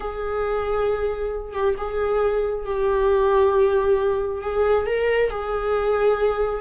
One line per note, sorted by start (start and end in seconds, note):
0.00 1.52 G#4
1.52 1.74 G4
1.77 2.65 G#4
2.65 4.42 G4
4.42 4.86 G#4
4.86 5.30 A#4
5.30 6.61 G#4